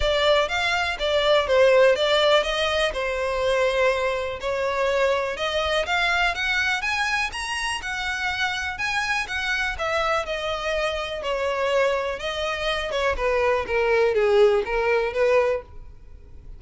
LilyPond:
\new Staff \with { instrumentName = "violin" } { \time 4/4 \tempo 4 = 123 d''4 f''4 d''4 c''4 | d''4 dis''4 c''2~ | c''4 cis''2 dis''4 | f''4 fis''4 gis''4 ais''4 |
fis''2 gis''4 fis''4 | e''4 dis''2 cis''4~ | cis''4 dis''4. cis''8 b'4 | ais'4 gis'4 ais'4 b'4 | }